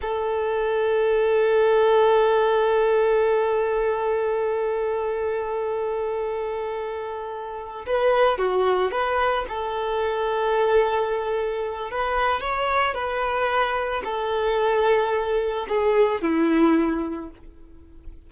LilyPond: \new Staff \with { instrumentName = "violin" } { \time 4/4 \tempo 4 = 111 a'1~ | a'1~ | a'1~ | a'2~ a'8 b'4 fis'8~ |
fis'8 b'4 a'2~ a'8~ | a'2 b'4 cis''4 | b'2 a'2~ | a'4 gis'4 e'2 | }